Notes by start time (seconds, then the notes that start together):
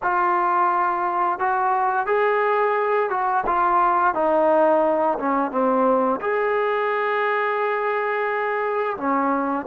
0.02 F4
1.39 F#4
2.06 G#4
3.09 F#4
3.46 F4
4.14 D#4
5.18 C#4
5.51 C4
6.21 G#4
8.97 C#4